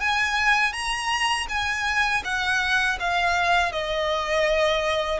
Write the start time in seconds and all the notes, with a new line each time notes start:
0.00 G#5
0.73 A#5
1.48 G#5
2.24 F#5
2.99 F5
3.72 D#5